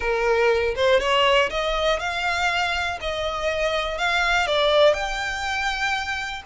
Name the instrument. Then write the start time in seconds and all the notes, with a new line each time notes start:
violin
0.00 A#4
0.75 C5
1.00 C#5
1.50 D#5
1.99 F5
3.00 D#5
3.98 F5
4.47 D5
4.93 G5